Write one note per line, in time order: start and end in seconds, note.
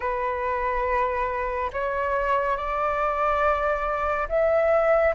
0.00 1.71 B4
1.73 2.56 C#5
2.56 4.28 D5
4.29 5.14 E5